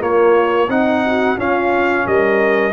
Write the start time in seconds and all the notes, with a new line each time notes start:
0.00 A#3 F4 C#5
0.69 C4 D#4 F#5
1.05 F#4
1.38 C#4 F4 F5
2.06 G3 A#4 D#5